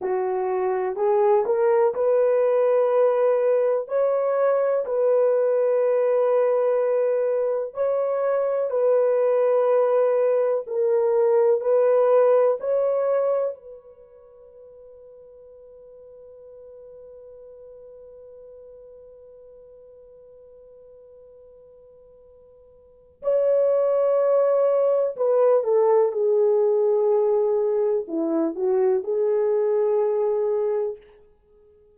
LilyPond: \new Staff \with { instrumentName = "horn" } { \time 4/4 \tempo 4 = 62 fis'4 gis'8 ais'8 b'2 | cis''4 b'2. | cis''4 b'2 ais'4 | b'4 cis''4 b'2~ |
b'1~ | b'1 | cis''2 b'8 a'8 gis'4~ | gis'4 e'8 fis'8 gis'2 | }